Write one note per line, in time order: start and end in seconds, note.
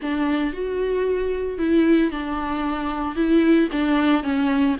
0.02 0.53 D4
0.53 1.58 F#4
1.58 2.11 E4
2.11 3.15 D4
3.15 3.68 E4
3.72 4.23 D4
4.23 4.76 C#4